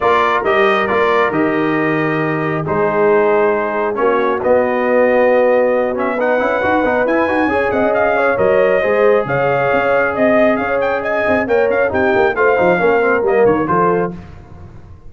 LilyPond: <<
  \new Staff \with { instrumentName = "trumpet" } { \time 4/4 \tempo 4 = 136 d''4 dis''4 d''4 dis''4~ | dis''2 c''2~ | c''4 cis''4 dis''2~ | dis''4. e''8 fis''2 |
gis''4. fis''8 f''4 dis''4~ | dis''4 f''2 dis''4 | f''8 g''8 gis''4 g''8 f''8 g''4 | f''2 dis''8 cis''8 c''4 | }
  \new Staff \with { instrumentName = "horn" } { \time 4/4 ais'1~ | ais'2 gis'2~ | gis'4 fis'2.~ | fis'2 b'2~ |
b'4 cis''8 dis''4 cis''4. | c''4 cis''2 dis''4 | cis''4 dis''4 cis''4 g'4 | c''4 ais'2 a'4 | }
  \new Staff \with { instrumentName = "trombone" } { \time 4/4 f'4 g'4 f'4 g'4~ | g'2 dis'2~ | dis'4 cis'4 b2~ | b4. cis'8 dis'8 e'8 fis'8 dis'8 |
e'8 fis'8 gis'2 ais'4 | gis'1~ | gis'2 ais'4 dis'4 | f'8 dis'8 cis'8 c'8 ais4 f'4 | }
  \new Staff \with { instrumentName = "tuba" } { \time 4/4 ais4 g4 ais4 dis4~ | dis2 gis2~ | gis4 ais4 b2~ | b2~ b8 cis'8 dis'8 b8 |
e'8 dis'8 cis'8 c'16 cis'4~ cis'16 fis4 | gis4 cis4 cis'4 c'4 | cis'4. c'8 ais8 cis'8 c'8 ais8 | a8 f8 ais4 g8 dis8 f4 | }
>>